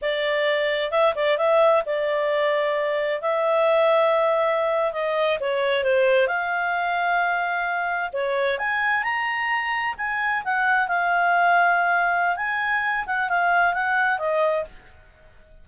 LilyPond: \new Staff \with { instrumentName = "clarinet" } { \time 4/4 \tempo 4 = 131 d''2 e''8 d''8 e''4 | d''2. e''4~ | e''2~ e''8. dis''4 cis''16~ | cis''8. c''4 f''2~ f''16~ |
f''4.~ f''16 cis''4 gis''4 ais''16~ | ais''4.~ ais''16 gis''4 fis''4 f''16~ | f''2. gis''4~ | gis''8 fis''8 f''4 fis''4 dis''4 | }